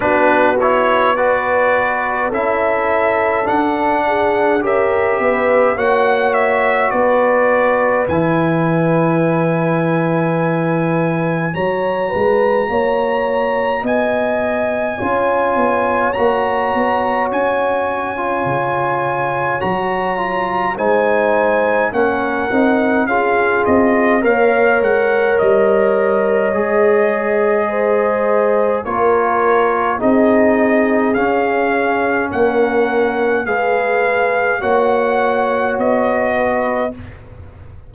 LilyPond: <<
  \new Staff \with { instrumentName = "trumpet" } { \time 4/4 \tempo 4 = 52 b'8 cis''8 d''4 e''4 fis''4 | e''4 fis''8 e''8 d''4 gis''4~ | gis''2 ais''2 | gis''2 ais''4 gis''4~ |
gis''4 ais''4 gis''4 fis''4 | f''8 dis''8 f''8 fis''8 dis''2~ | dis''4 cis''4 dis''4 f''4 | fis''4 f''4 fis''4 dis''4 | }
  \new Staff \with { instrumentName = "horn" } { \time 4/4 fis'4 b'4 a'4. gis'8 | ais'8 b'8 cis''4 b'2~ | b'2 cis''8 b'8 cis''4 | dis''4 cis''2.~ |
cis''2 c''4 ais'4 | gis'4 cis''2. | c''4 ais'4 gis'2 | ais'4 b'4 cis''4. b'8 | }
  \new Staff \with { instrumentName = "trombone" } { \time 4/4 d'8 e'8 fis'4 e'4 d'4 | g'4 fis'2 e'4~ | e'2 fis'2~ | fis'4 f'4 fis'4.~ fis'16 f'16~ |
f'4 fis'8 f'8 dis'4 cis'8 dis'8 | f'4 ais'2 gis'4~ | gis'4 f'4 dis'4 cis'4~ | cis'4 gis'4 fis'2 | }
  \new Staff \with { instrumentName = "tuba" } { \time 4/4 b2 cis'4 d'4 | cis'8 b8 ais4 b4 e4~ | e2 fis8 gis8 ais4 | b4 cis'8 b8 ais8 b8 cis'4 |
cis4 fis4 gis4 ais8 c'8 | cis'8 c'8 ais8 gis8 g4 gis4~ | gis4 ais4 c'4 cis'4 | ais4 gis4 ais4 b4 | }
>>